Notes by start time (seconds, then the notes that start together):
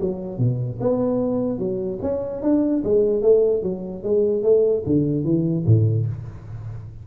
0.00 F#3
0.38 B2
0.80 B3
1.58 F#3
2.01 C#4
2.42 D4
2.84 G#3
3.22 A3
3.62 F#3
4.03 G#3
4.42 A3
4.86 D3
5.24 E3
5.65 A2